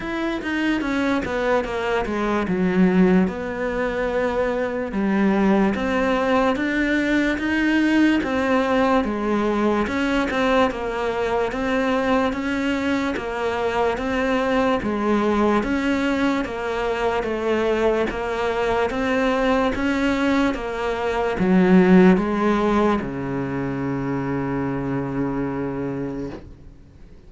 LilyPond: \new Staff \with { instrumentName = "cello" } { \time 4/4 \tempo 4 = 73 e'8 dis'8 cis'8 b8 ais8 gis8 fis4 | b2 g4 c'4 | d'4 dis'4 c'4 gis4 | cis'8 c'8 ais4 c'4 cis'4 |
ais4 c'4 gis4 cis'4 | ais4 a4 ais4 c'4 | cis'4 ais4 fis4 gis4 | cis1 | }